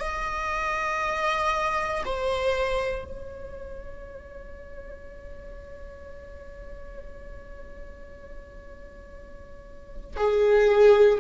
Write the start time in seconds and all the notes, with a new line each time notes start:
0.00 D#5
2.05 C5
3.05 C#5
10.17 G#4